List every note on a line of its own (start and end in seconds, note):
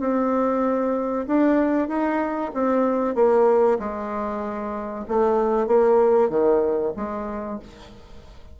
0.00 1.26 C4
1.27 1.88 D4
1.88 2.51 D#4
2.54 3.15 C4
3.15 3.78 A#3
3.79 5.05 G#3
5.08 5.67 A3
5.67 6.29 A#3
6.29 6.92 D#3
6.96 7.59 G#3